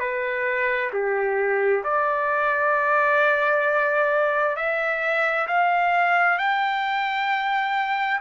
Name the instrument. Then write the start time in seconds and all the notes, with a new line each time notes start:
trumpet
0.00 B4
0.93 G4
1.84 D5
4.57 E5
5.48 F5
6.39 G5